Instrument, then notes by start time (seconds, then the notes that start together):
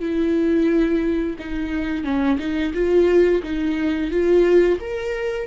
viola
0.00 E4
1.39 D#4
2.04 C#4
2.39 D#4
2.74 F4
3.43 D#4
4.11 F4
4.80 A#4